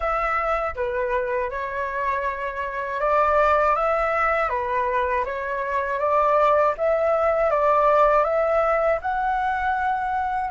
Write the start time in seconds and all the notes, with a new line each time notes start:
0.00 E5
0.75 B4
1.50 C#5
3.00 D5
3.75 E5
4.49 B4
5.24 C#5
5.99 D5
6.77 E5
7.50 D5
8.24 E5
9.01 F#5